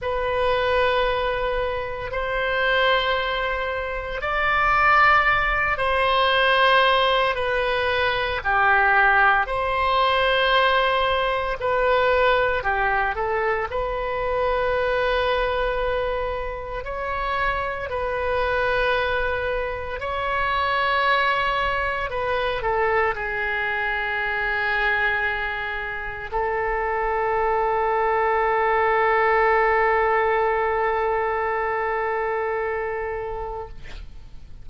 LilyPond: \new Staff \with { instrumentName = "oboe" } { \time 4/4 \tempo 4 = 57 b'2 c''2 | d''4. c''4. b'4 | g'4 c''2 b'4 | g'8 a'8 b'2. |
cis''4 b'2 cis''4~ | cis''4 b'8 a'8 gis'2~ | gis'4 a'2.~ | a'1 | }